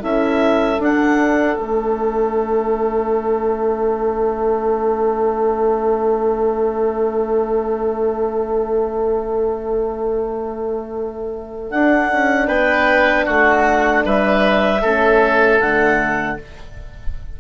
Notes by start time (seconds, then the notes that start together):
0.00 C#4 E4 A4 E5
0.79 D4 F#5
1.58 A3 C#4 E5
11.71 D4 F#5
12.13 C#4
12.48 B3 B4 G5
13.26 A3 F#4 F#5
14.05 G3 B4 E5
14.82 A3 C#4 A4
15.60 D3 A3 F#5